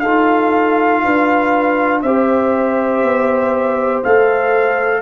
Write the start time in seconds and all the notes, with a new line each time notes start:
0.00 D#4 F4 A4 F5
1.04 D4 B4
2.02 C4 G4 C5 E5
3.03 B3
4.04 A3 A4 F5